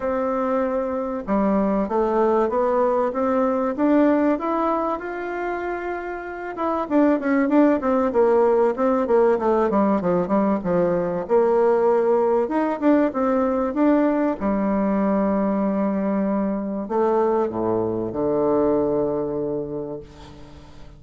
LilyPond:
\new Staff \with { instrumentName = "bassoon" } { \time 4/4 \tempo 4 = 96 c'2 g4 a4 | b4 c'4 d'4 e'4 | f'2~ f'8 e'8 d'8 cis'8 | d'8 c'8 ais4 c'8 ais8 a8 g8 |
f8 g8 f4 ais2 | dis'8 d'8 c'4 d'4 g4~ | g2. a4 | a,4 d2. | }